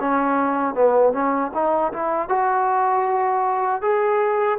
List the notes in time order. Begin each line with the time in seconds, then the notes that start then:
0.00 C#4
0.74 B3
1.13 C#4
1.54 D#4
1.93 E4
2.29 F#4
3.82 G#4